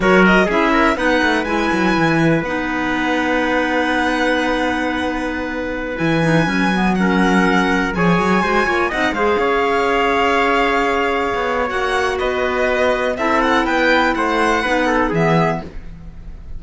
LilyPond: <<
  \new Staff \with { instrumentName = "violin" } { \time 4/4 \tempo 4 = 123 cis''8 dis''8 e''4 fis''4 gis''4~ | gis''4 fis''2.~ | fis''1~ | fis''16 gis''2 fis''4.~ fis''16~ |
fis''16 gis''2 fis''8 f''4~ f''16~ | f''1 | fis''4 dis''2 e''8 fis''8 | g''4 fis''2 e''4 | }
  \new Staff \with { instrumentName = "trumpet" } { \time 4/4 ais'4 gis'8 ais'8 b'2~ | b'1~ | b'1~ | b'2~ b'16 ais'4.~ ais'16~ |
ais'16 cis''4 c''8 cis''8 dis''8 c''8 cis''8.~ | cis''1~ | cis''4 b'2 a'4 | b'4 c''4 b'8 a'8 gis'4 | }
  \new Staff \with { instrumentName = "clarinet" } { \time 4/4 fis'4 e'4 dis'4 e'4~ | e'4 dis'2.~ | dis'1~ | dis'16 e'8 dis'8 cis'8 b8 cis'4.~ cis'16~ |
cis'16 gis'4 fis'8 f'8 dis'8 gis'4~ gis'16~ | gis'1 | fis'2. e'4~ | e'2 dis'4 b4 | }
  \new Staff \with { instrumentName = "cello" } { \time 4/4 fis4 cis'4 b8 a8 gis8 fis8 | e4 b2.~ | b1~ | b16 e4 fis2~ fis8.~ |
fis16 f8 fis8 gis8 ais8 c'8 gis8 cis'8.~ | cis'2.~ cis'16 b8. | ais4 b2 c'4 | b4 a4 b4 e4 | }
>>